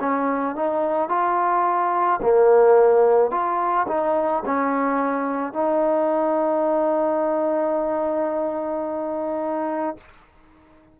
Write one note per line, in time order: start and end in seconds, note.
0.00 0.56 C#4
0.56 1.09 D#4
1.09 2.20 F4
2.22 3.31 A#3
3.31 3.86 F4
3.88 4.43 D#4
4.45 5.53 C#4
5.53 9.97 D#4